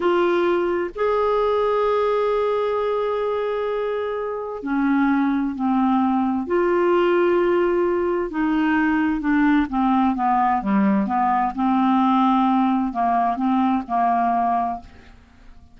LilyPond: \new Staff \with { instrumentName = "clarinet" } { \time 4/4 \tempo 4 = 130 f'2 gis'2~ | gis'1~ | gis'2 cis'2 | c'2 f'2~ |
f'2 dis'2 | d'4 c'4 b4 g4 | b4 c'2. | ais4 c'4 ais2 | }